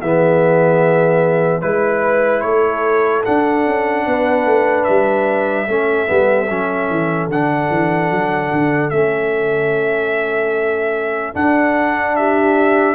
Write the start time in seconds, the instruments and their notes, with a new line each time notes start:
0.00 tuba E3, trombone B3, horn G#4, trumpet E5
1.61 tuba G#3, trombone E4, trumpet B4, horn B4
2.41 tuba A3, horn A4, trumpet C#5
3.24 trombone D4, tuba D4, trumpet F#5
3.66 tuba C#4
4.06 tuba B3, horn B4
4.45 tuba A3
4.84 tuba G3, trumpet E5
5.67 tuba A3, trombone C#4, horn A4
6.06 tuba G3, trombone B3
6.49 tuba F#3, trombone C#4
6.89 tuba E3
7.28 tuba D3, trombone D4, trumpet F#5
7.70 tuba E3
8.11 tuba F#3
8.52 tuba D3
8.90 tuba A3, trombone C#4, trumpet E5
11.34 trombone D4, tuba D4, trumpet F#5
12.16 horn G4, trumpet E5